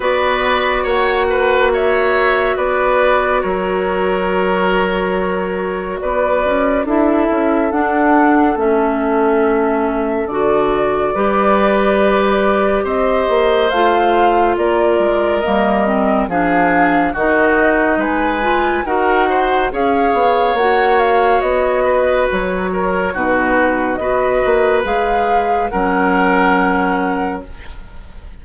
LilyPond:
<<
  \new Staff \with { instrumentName = "flute" } { \time 4/4 \tempo 4 = 70 d''4 fis''4 e''4 d''4 | cis''2. d''4 | e''4 fis''4 e''2 | d''2. dis''4 |
f''4 d''4 dis''4 f''4 | dis''4 gis''4 fis''4 f''4 | fis''8 f''8 dis''4 cis''4 b'4 | dis''4 f''4 fis''2 | }
  \new Staff \with { instrumentName = "oboe" } { \time 4/4 b'4 cis''8 b'8 cis''4 b'4 | ais'2. b'4 | a'1~ | a'4 b'2 c''4~ |
c''4 ais'2 gis'4 | fis'4 b'4 ais'8 c''8 cis''4~ | cis''4. b'4 ais'8 fis'4 | b'2 ais'2 | }
  \new Staff \with { instrumentName = "clarinet" } { \time 4/4 fis'1~ | fis'1 | e'4 d'4 cis'2 | fis'4 g'2. |
f'2 ais8 c'8 d'4 | dis'4. f'8 fis'4 gis'4 | fis'2. dis'4 | fis'4 gis'4 cis'2 | }
  \new Staff \with { instrumentName = "bassoon" } { \time 4/4 b4 ais2 b4 | fis2. b8 cis'8 | d'8 cis'8 d'4 a2 | d4 g2 c'8 ais8 |
a4 ais8 gis8 g4 f4 | dis4 gis4 dis'4 cis'8 b8 | ais4 b4 fis4 b,4 | b8 ais8 gis4 fis2 | }
>>